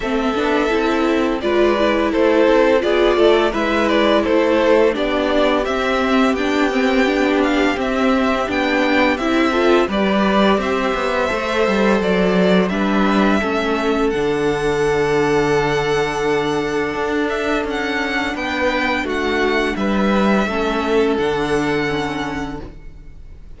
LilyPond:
<<
  \new Staff \with { instrumentName = "violin" } { \time 4/4 \tempo 4 = 85 e''2 d''4 c''4 | d''4 e''8 d''8 c''4 d''4 | e''4 g''4. f''8 e''4 | g''4 e''4 d''4 e''4~ |
e''4 d''4 e''2 | fis''1~ | fis''8 e''8 fis''4 g''4 fis''4 | e''2 fis''2 | }
  \new Staff \with { instrumentName = "violin" } { \time 4/4 a'2 b'4 a'4 | gis'8 a'8 b'4 a'4 g'4~ | g'1~ | g'4. a'8 b'4 c''4~ |
c''2 b'4 a'4~ | a'1~ | a'2 b'4 fis'4 | b'4 a'2. | }
  \new Staff \with { instrumentName = "viola" } { \time 4/4 c'8 d'8 e'4 f'8 e'4. | f'4 e'2 d'4 | c'4 d'8 c'8 d'4 c'4 | d'4 e'8 f'8 g'2 |
a'2 d'4 cis'4 | d'1~ | d'1~ | d'4 cis'4 d'4 cis'4 | }
  \new Staff \with { instrumentName = "cello" } { \time 4/4 a8 b8 c'4 gis4 a8 c'8 | b8 a8 gis4 a4 b4 | c'4 b2 c'4 | b4 c'4 g4 c'8 b8 |
a8 g8 fis4 g4 a4 | d1 | d'4 cis'4 b4 a4 | g4 a4 d2 | }
>>